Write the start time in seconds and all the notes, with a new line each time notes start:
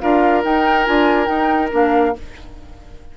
0.00 D4 F4 A#4 F5
0.44 D#4 G5
0.86 D4 F4 G#5
1.26 D#4 G5
1.71 A#3 D4 F5